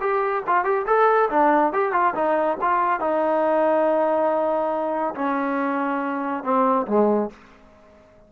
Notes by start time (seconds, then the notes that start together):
0.00 G4
0.47 F4
0.64 G4
0.86 A4
1.30 D4
1.73 G4
1.92 F4
2.15 D#4
2.61 F4
3.00 D#4
5.15 C#4
6.43 C4
6.87 G#3